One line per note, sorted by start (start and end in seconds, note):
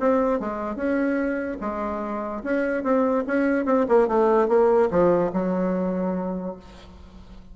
0.00 0.40 C4
0.40 0.76 G#3
0.76 1.58 C#4
1.61 2.43 G#3
2.44 2.83 C#4
2.83 3.24 C4
3.27 3.66 C#4
3.66 3.86 C4
3.89 4.08 A#3
4.08 4.48 A3
4.48 4.89 A#3
4.91 5.32 F3
5.33 6.56 F#3